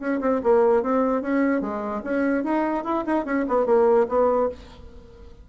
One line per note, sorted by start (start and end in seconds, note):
0.00 0.20 C#4
0.21 0.41 C4
0.44 0.83 A#3
0.83 1.22 C4
1.22 1.62 C#4
1.62 2.02 G#3
2.04 2.45 C#4
2.45 2.85 D#4
2.85 3.05 E4
3.07 3.26 D#4
3.26 3.46 C#4
3.49 3.66 B3
3.66 4.07 A#3
4.09 4.49 B3